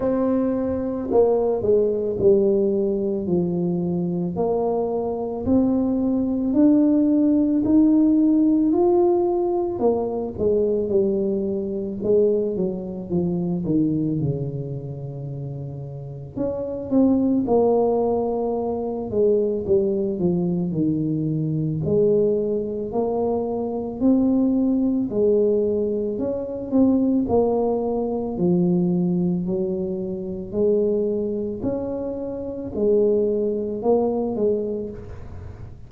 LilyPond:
\new Staff \with { instrumentName = "tuba" } { \time 4/4 \tempo 4 = 55 c'4 ais8 gis8 g4 f4 | ais4 c'4 d'4 dis'4 | f'4 ais8 gis8 g4 gis8 fis8 | f8 dis8 cis2 cis'8 c'8 |
ais4. gis8 g8 f8 dis4 | gis4 ais4 c'4 gis4 | cis'8 c'8 ais4 f4 fis4 | gis4 cis'4 gis4 ais8 gis8 | }